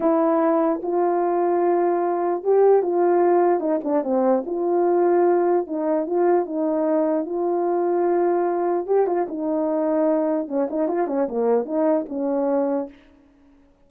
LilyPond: \new Staff \with { instrumentName = "horn" } { \time 4/4 \tempo 4 = 149 e'2 f'2~ | f'2 g'4 f'4~ | f'4 dis'8 d'8 c'4 f'4~ | f'2 dis'4 f'4 |
dis'2 f'2~ | f'2 g'8 f'8 dis'4~ | dis'2 cis'8 dis'8 f'8 cis'8 | ais4 dis'4 cis'2 | }